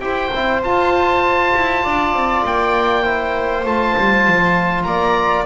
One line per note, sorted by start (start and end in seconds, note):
0.00 0.31 E4
0.00 0.31 G4
0.00 1.83 C5
0.00 0.61 G5
0.33 0.63 C4
0.33 0.64 E4
0.63 1.54 F4
0.63 3.04 F4
0.63 2.45 A5
1.54 1.84 E4
1.83 2.13 D4
1.83 3.02 D5
2.13 2.43 C4
2.44 3.64 A#3
2.44 3.66 G5
3.02 3.64 E4
3.02 4.84 C5
3.64 3.95 A3
3.64 5.46 F4
3.64 4.83 A5
3.97 4.27 G3
4.27 4.85 F3
4.83 5.46 A#3
4.83 5.46 D5
4.83 5.43 A#5